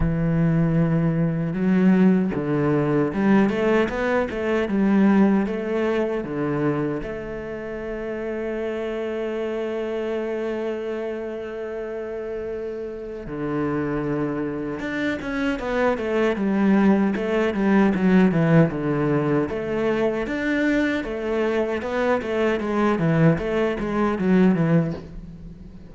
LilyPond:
\new Staff \with { instrumentName = "cello" } { \time 4/4 \tempo 4 = 77 e2 fis4 d4 | g8 a8 b8 a8 g4 a4 | d4 a2.~ | a1~ |
a4 d2 d'8 cis'8 | b8 a8 g4 a8 g8 fis8 e8 | d4 a4 d'4 a4 | b8 a8 gis8 e8 a8 gis8 fis8 e8 | }